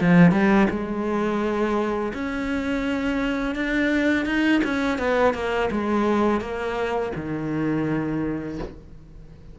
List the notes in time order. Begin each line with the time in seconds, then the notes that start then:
0.00 F3
0.31 G3
0.70 G#3
2.13 C#4
3.55 D4
4.25 D#4
4.64 C#4
4.98 B3
5.34 A#3
5.71 G#3
6.41 A#3
7.16 D#3